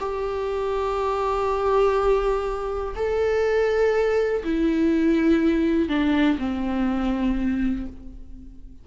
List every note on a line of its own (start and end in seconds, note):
0.00 2.95 G4
2.96 4.44 A4
4.45 5.89 E4
5.89 6.38 D4
6.39 7.86 C4